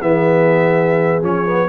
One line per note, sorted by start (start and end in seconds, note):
0.00 1.23 E3
0.00 1.23 B3
0.00 1.69 G#4
0.00 1.23 E5
1.23 1.69 F3
1.23 1.46 C#4
1.23 1.69 C#5
1.46 1.69 B3